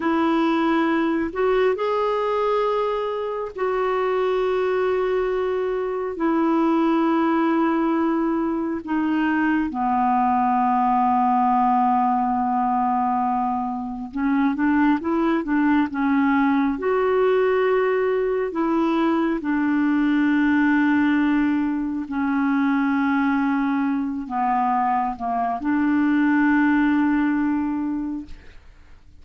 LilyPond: \new Staff \with { instrumentName = "clarinet" } { \time 4/4 \tempo 4 = 68 e'4. fis'8 gis'2 | fis'2. e'4~ | e'2 dis'4 b4~ | b1 |
cis'8 d'8 e'8 d'8 cis'4 fis'4~ | fis'4 e'4 d'2~ | d'4 cis'2~ cis'8 b8~ | b8 ais8 d'2. | }